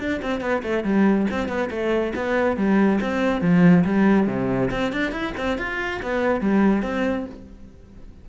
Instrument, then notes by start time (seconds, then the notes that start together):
cello
0.00 D4
0.22 C4
0.41 B3
0.64 A3
0.85 G3
1.31 C4
1.49 B3
1.71 A3
2.16 B3
2.57 G3
3.02 C4
3.42 F3
3.85 G3
4.28 C3
4.71 C4
4.93 D4
5.12 E4
5.38 C4
5.58 F4
6.03 B3
6.41 G3
6.83 C4